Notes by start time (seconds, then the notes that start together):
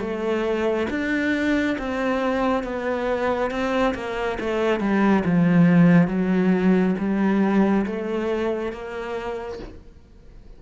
0.00 A3
0.90 D4
1.79 C4
2.64 B3
3.51 C4
3.94 A#3
4.40 A3
4.80 G3
5.25 F3
6.08 F#3
6.98 G3
7.86 A3
8.72 A#3